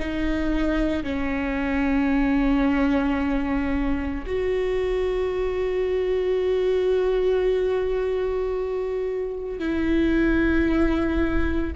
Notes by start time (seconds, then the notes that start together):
0.00 D#4
1.04 C#4
4.27 F#4
9.59 E4